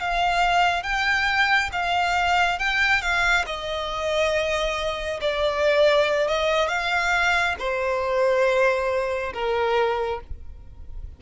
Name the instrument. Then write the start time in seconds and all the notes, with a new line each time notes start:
violin
0.00 F5
0.83 G5
1.72 F5
2.59 G5
3.02 F5
3.46 D#5
5.21 D5
6.28 D#5
6.68 F5
7.59 C5
9.33 A#4